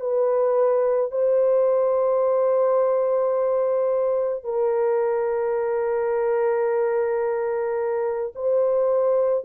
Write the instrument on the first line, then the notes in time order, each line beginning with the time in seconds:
horn
0.00 B4
1.11 C5
4.44 A#4
8.35 C5